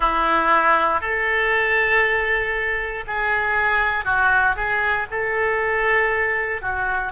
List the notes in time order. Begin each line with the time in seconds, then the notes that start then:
0.00 E4
1.00 A4
3.07 G#4
4.04 F#4
4.55 G#4
5.11 A4
6.61 F#4